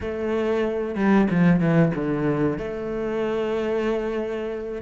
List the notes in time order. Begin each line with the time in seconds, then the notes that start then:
0.00 A3
0.95 G3
1.30 F3
1.60 E3
1.94 D3
2.58 A3